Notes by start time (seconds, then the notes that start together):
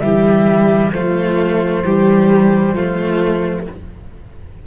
0.00 E3 G3 G4 E5
0.93 F3 A3 F4 C5
1.84 E3 G3 G4
2.73 F3 A3 F4